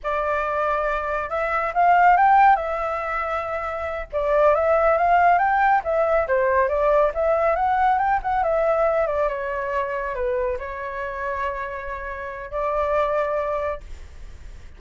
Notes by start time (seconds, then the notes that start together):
0.03 D5
1.29 E5
1.73 F5
2.16 G5
2.55 E5
4.12 D5
4.54 E5
4.97 F5
5.38 G5
5.84 E5
6.27 C5
6.68 D5
7.14 E5
7.55 F#5
7.98 G5
8.22 F#5
8.43 E5
9.06 D5
9.28 C#5
10.14 B4
10.59 C#5
12.51 D5